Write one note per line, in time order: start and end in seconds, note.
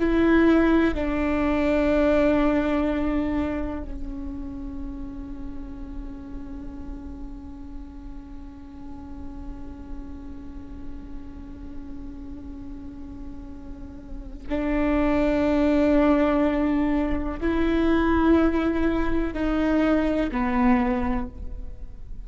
0.00 0.95 E4
0.95 3.83 D4
3.83 14.48 C#4
14.49 17.40 D4
17.40 19.34 E4
19.34 20.30 D#4
20.31 21.28 B3